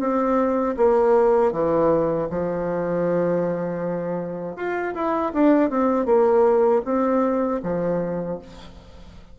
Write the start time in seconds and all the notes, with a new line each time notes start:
0.00 C4
0.77 A#3
1.53 E3
2.31 F3
4.56 F4
4.95 E4
5.34 D4
5.71 C4
6.06 A#3
6.85 C4
7.63 F3